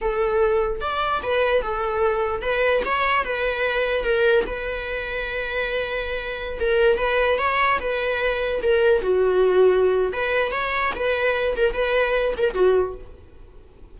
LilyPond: \new Staff \with { instrumentName = "viola" } { \time 4/4 \tempo 4 = 148 a'2 d''4 b'4 | a'2 b'4 cis''4 | b'2 ais'4 b'4~ | b'1~ |
b'16 ais'4 b'4 cis''4 b'8.~ | b'4~ b'16 ais'4 fis'4.~ fis'16~ | fis'4 b'4 cis''4 b'4~ | b'8 ais'8 b'4. ais'8 fis'4 | }